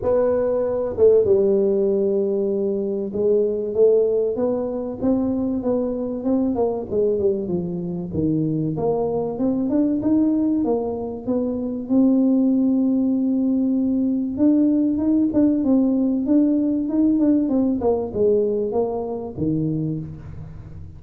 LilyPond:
\new Staff \with { instrumentName = "tuba" } { \time 4/4 \tempo 4 = 96 b4. a8 g2~ | g4 gis4 a4 b4 | c'4 b4 c'8 ais8 gis8 g8 | f4 dis4 ais4 c'8 d'8 |
dis'4 ais4 b4 c'4~ | c'2. d'4 | dis'8 d'8 c'4 d'4 dis'8 d'8 | c'8 ais8 gis4 ais4 dis4 | }